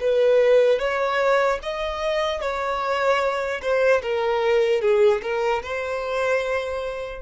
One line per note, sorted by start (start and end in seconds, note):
0.00 0.79 B4
0.79 1.59 C#5
1.62 2.41 D#5
2.41 3.61 C#5
3.61 4.01 C5
4.02 4.81 A#4
4.81 5.21 G#4
5.22 5.62 A#4
5.63 7.21 C5